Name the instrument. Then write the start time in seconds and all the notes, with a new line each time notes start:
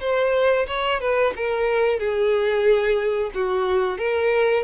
violin
0.00 C5
0.67 C#5
1.00 B4
1.35 A#4
1.99 G#4
3.34 F#4
3.98 A#4